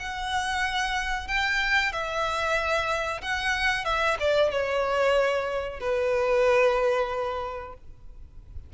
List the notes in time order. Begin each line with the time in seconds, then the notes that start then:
0.00 F#5
1.28 G5
1.93 E5
3.22 F#5
3.85 E5
4.20 D5
4.51 C#5
5.81 B4